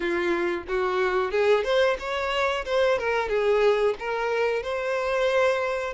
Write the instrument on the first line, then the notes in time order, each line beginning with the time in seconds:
violin
0.00 F4
0.67 F#4
1.31 G#4
1.64 C5
1.99 C#5
2.65 C5
2.98 A#4
3.28 G#4
3.99 A#4
4.62 C5